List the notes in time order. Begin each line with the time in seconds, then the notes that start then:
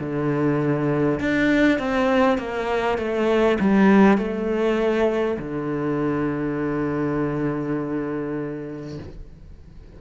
0.00 D3
1.21 D4
1.79 C4
2.39 A#3
2.99 A3
3.61 G3
4.18 A3
5.39 D3